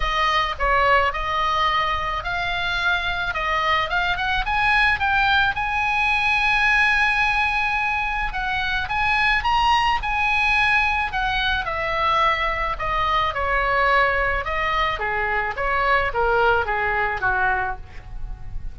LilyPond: \new Staff \with { instrumentName = "oboe" } { \time 4/4 \tempo 4 = 108 dis''4 cis''4 dis''2 | f''2 dis''4 f''8 fis''8 | gis''4 g''4 gis''2~ | gis''2. fis''4 |
gis''4 ais''4 gis''2 | fis''4 e''2 dis''4 | cis''2 dis''4 gis'4 | cis''4 ais'4 gis'4 fis'4 | }